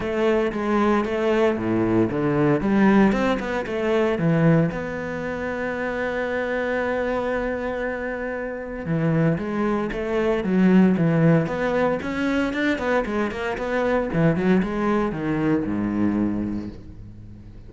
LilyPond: \new Staff \with { instrumentName = "cello" } { \time 4/4 \tempo 4 = 115 a4 gis4 a4 a,4 | d4 g4 c'8 b8 a4 | e4 b2.~ | b1~ |
b4 e4 gis4 a4 | fis4 e4 b4 cis'4 | d'8 b8 gis8 ais8 b4 e8 fis8 | gis4 dis4 gis,2 | }